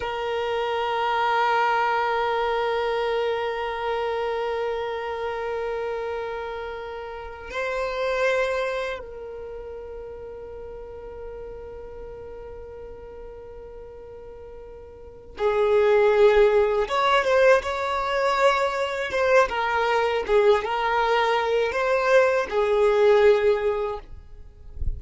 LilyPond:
\new Staff \with { instrumentName = "violin" } { \time 4/4 \tempo 4 = 80 ais'1~ | ais'1~ | ais'2 c''2 | ais'1~ |
ais'1~ | ais'8 gis'2 cis''8 c''8 cis''8~ | cis''4. c''8 ais'4 gis'8 ais'8~ | ais'4 c''4 gis'2 | }